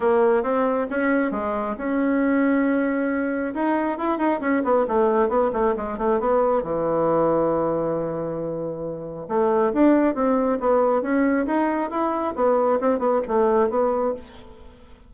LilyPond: \new Staff \with { instrumentName = "bassoon" } { \time 4/4 \tempo 4 = 136 ais4 c'4 cis'4 gis4 | cis'1 | dis'4 e'8 dis'8 cis'8 b8 a4 | b8 a8 gis8 a8 b4 e4~ |
e1~ | e4 a4 d'4 c'4 | b4 cis'4 dis'4 e'4 | b4 c'8 b8 a4 b4 | }